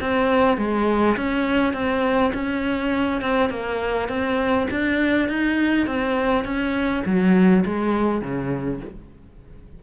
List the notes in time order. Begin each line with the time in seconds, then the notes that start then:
0.00 C4
0.57 G#3
1.16 C#4
1.73 C4
2.34 C#4
3.21 C4
3.49 A#3
4.08 C4
4.71 D4
5.29 D#4
5.86 C4
6.44 C#4
7.05 F#3
7.65 G#3
8.21 C#3